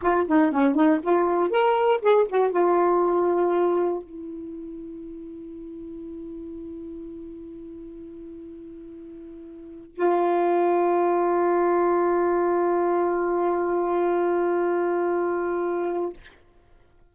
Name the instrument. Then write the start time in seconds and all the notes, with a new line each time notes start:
saxophone
0.01 F4
0.27 D#4
0.51 C#4
0.74 D#4
1.02 F4
1.50 A#4
2.01 G#4
2.28 F#4
2.51 F4
4.02 E4
9.95 F4